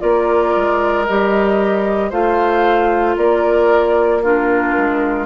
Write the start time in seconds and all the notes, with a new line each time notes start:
0.00 A#3 F4 A#4 D5
0.56 G#3
1.06 G3 G4 D#5
2.10 A3 F4 C5 F5
3.17 A#3 A#4 D5
4.23 D4 F4 A#4
4.78 G#3